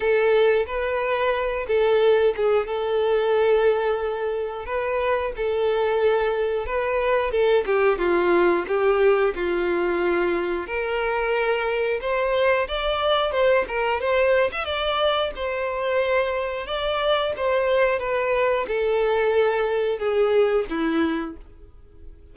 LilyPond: \new Staff \with { instrumentName = "violin" } { \time 4/4 \tempo 4 = 90 a'4 b'4. a'4 gis'8 | a'2. b'4 | a'2 b'4 a'8 g'8 | f'4 g'4 f'2 |
ais'2 c''4 d''4 | c''8 ais'8 c''8. e''16 d''4 c''4~ | c''4 d''4 c''4 b'4 | a'2 gis'4 e'4 | }